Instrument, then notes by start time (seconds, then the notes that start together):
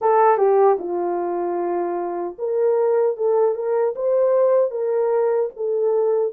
horn
0.01 A4
0.37 G4
0.79 F4
2.38 A#4
3.17 A4
3.54 A#4
3.95 C5
4.70 A#4
5.56 A4